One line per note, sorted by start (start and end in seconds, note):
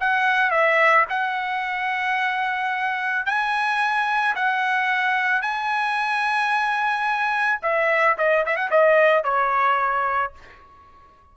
0.00 0.51 F#5
0.51 1.05 E5
1.10 3.26 F#5
3.26 4.35 G#5
4.35 5.42 F#5
5.42 7.60 G#5
7.62 8.17 E5
8.18 8.45 D#5
8.46 8.56 E5
8.56 8.70 F#5
8.71 9.24 D#5
9.24 10.33 C#5